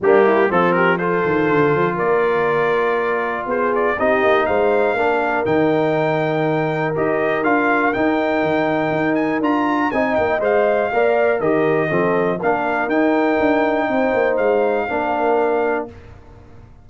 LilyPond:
<<
  \new Staff \with { instrumentName = "trumpet" } { \time 4/4 \tempo 4 = 121 g'4 a'8 ais'8 c''2 | d''2. c''8 d''8 | dis''4 f''2 g''4~ | g''2 dis''4 f''4 |
g''2~ g''8 gis''8 ais''4 | gis''8 g''8 f''2 dis''4~ | dis''4 f''4 g''2~ | g''4 f''2. | }
  \new Staff \with { instrumentName = "horn" } { \time 4/4 d'8 e'8 f'8 g'8 a'2 | ais'2. gis'4 | g'4 c''4 ais'2~ | ais'1~ |
ais'1 | dis''2 d''4 ais'4 | a'4 ais'2. | c''2 ais'2 | }
  \new Staff \with { instrumentName = "trombone" } { \time 4/4 ais4 c'4 f'2~ | f'1 | dis'2 d'4 dis'4~ | dis'2 g'4 f'4 |
dis'2. f'4 | dis'4 c''4 ais'4 g'4 | c'4 d'4 dis'2~ | dis'2 d'2 | }
  \new Staff \with { instrumentName = "tuba" } { \time 4/4 g4 f4. dis8 d8 f8 | ais2. b4 | c'8 ais8 gis4 ais4 dis4~ | dis2 dis'4 d'4 |
dis'4 dis4 dis'4 d'4 | c'8 ais8 gis4 ais4 dis4 | f4 ais4 dis'4 d'4 | c'8 ais8 gis4 ais2 | }
>>